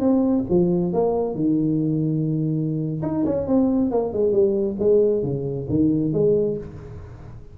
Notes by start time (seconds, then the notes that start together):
0.00 C4
0.49 F3
0.93 A#3
1.35 D#3
3.02 D#4
3.26 C#4
3.47 C4
3.91 A#3
4.13 G#3
4.32 G3
4.79 G#3
5.23 C#3
5.70 D#3
6.13 G#3